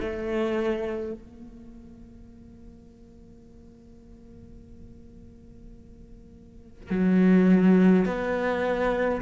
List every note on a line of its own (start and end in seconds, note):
0.00 1.14 A3
1.14 6.91 A#3
6.91 8.06 F#3
8.06 9.22 B3